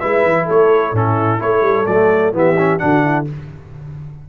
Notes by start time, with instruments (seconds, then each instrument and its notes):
0.00 tuba G#3, trombone E4, horn B4, trumpet E5
0.24 tuba E3
0.46 tuba A3, horn A4, trumpet C#5
0.93 tuba A2, trombone C#4, horn E4, trumpet A4
1.39 tuba A3, trombone E4, horn A4, trumpet C#5
1.62 tuba G3
1.86 tuba F#3, trombone A3, trumpet D5
2.33 tuba E3, trombone B3, horn G4, trumpet E5
2.58 trombone C#4
2.79 tuba D3, trombone D4, horn F#4, trumpet F#5
3.05 horn E4